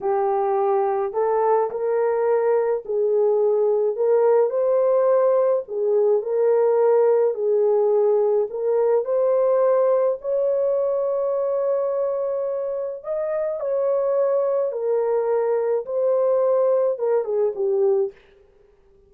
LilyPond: \new Staff \with { instrumentName = "horn" } { \time 4/4 \tempo 4 = 106 g'2 a'4 ais'4~ | ais'4 gis'2 ais'4 | c''2 gis'4 ais'4~ | ais'4 gis'2 ais'4 |
c''2 cis''2~ | cis''2. dis''4 | cis''2 ais'2 | c''2 ais'8 gis'8 g'4 | }